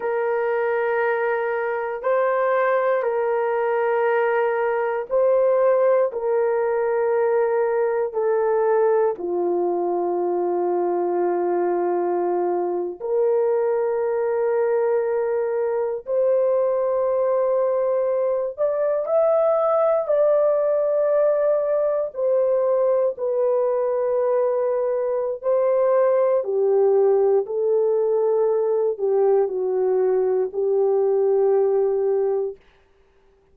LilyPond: \new Staff \with { instrumentName = "horn" } { \time 4/4 \tempo 4 = 59 ais'2 c''4 ais'4~ | ais'4 c''4 ais'2 | a'4 f'2.~ | f'8. ais'2. c''16~ |
c''2~ c''16 d''8 e''4 d''16~ | d''4.~ d''16 c''4 b'4~ b'16~ | b'4 c''4 g'4 a'4~ | a'8 g'8 fis'4 g'2 | }